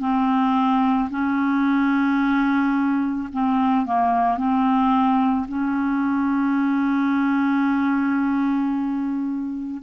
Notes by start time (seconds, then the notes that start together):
0.00 C4
1.11 C#4
3.33 C4
3.86 A#3
4.37 C4
5.48 C#4